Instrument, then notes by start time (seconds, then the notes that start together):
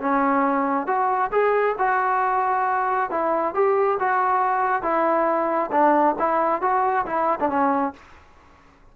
trombone
0.00 C#4
0.87 F#4
1.31 G#4
1.78 F#4
3.10 E4
3.54 G4
3.99 F#4
4.82 E4
5.71 D4
6.19 E4
6.61 F#4
7.06 E4
7.40 D4
7.49 C#4